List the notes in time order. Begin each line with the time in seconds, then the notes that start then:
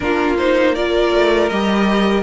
0.00 A#3 D4 F4 A#4
0.37 D#4 C5
0.74 F4 A#4 D5
1.13 A3
1.49 G3 G4 D#5